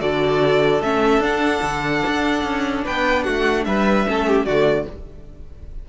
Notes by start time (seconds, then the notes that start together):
0.00 D3 F#4 A4 D5
0.81 A3 C#4 E5
1.19 D4 F#5
1.63 D3
2.07 D4
2.44 C#4
2.84 B3 B4 G5
3.24 A3 F#4 F#5
3.65 G3 B4 E5
4.07 A3 C#4 A4
4.27 G4
4.46 D3 A3 F#4 D5